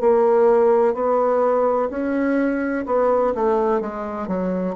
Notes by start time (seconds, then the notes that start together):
0.00 A#3
0.94 B3
1.90 C#4
2.86 B3
3.35 A3
3.81 G#3
4.27 F#3